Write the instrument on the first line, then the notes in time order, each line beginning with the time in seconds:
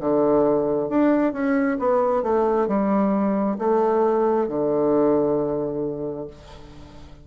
bassoon
0.00 D3
0.89 D4
1.33 C#4
1.79 B3
2.23 A3
2.67 G3
3.59 A3
4.48 D3